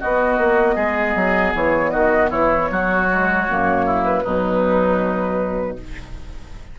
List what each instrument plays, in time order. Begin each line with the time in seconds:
0.00 clarinet B3, bassoon B3, oboe F#4, flute D#5
0.38 bassoon A#3
0.75 bassoon G#3, oboe G#4
1.15 bassoon F#3
1.55 bassoon E3, flute C#5
1.91 bassoon D#3, oboe F#4, flute D#5
2.30 bassoon E3, oboe E4, flute C#5
2.71 bassoon F#3, oboe F#4
3.09 clarinet G#3
3.49 bassoon F#2, clarinet A#3
3.86 oboe E4
4.04 flute B4
4.24 bassoon B2, clarinet F#3, oboe D#4